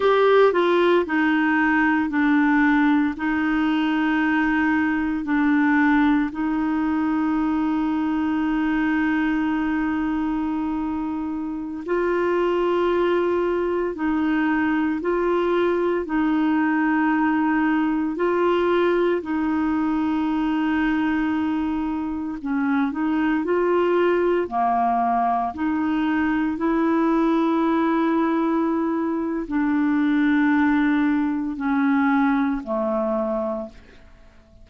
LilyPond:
\new Staff \with { instrumentName = "clarinet" } { \time 4/4 \tempo 4 = 57 g'8 f'8 dis'4 d'4 dis'4~ | dis'4 d'4 dis'2~ | dis'2.~ dis'16 f'8.~ | f'4~ f'16 dis'4 f'4 dis'8.~ |
dis'4~ dis'16 f'4 dis'4.~ dis'16~ | dis'4~ dis'16 cis'8 dis'8 f'4 ais8.~ | ais16 dis'4 e'2~ e'8. | d'2 cis'4 a4 | }